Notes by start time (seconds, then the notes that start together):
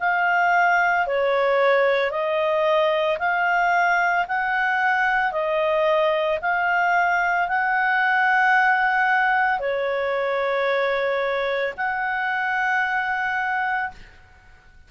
0.00 F5
1.07 C#5
2.11 D#5
3.19 F5
4.28 F#5
5.32 D#5
6.41 F5
7.48 F#5
9.59 C#5
11.77 F#5